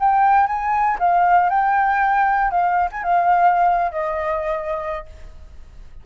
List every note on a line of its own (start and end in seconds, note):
0.00 0.47 G5
0.47 0.98 G#5
1.00 1.50 F5
1.50 2.51 G5
2.51 2.90 F5
2.92 3.04 G#5
3.04 3.92 F5
3.92 5.06 D#5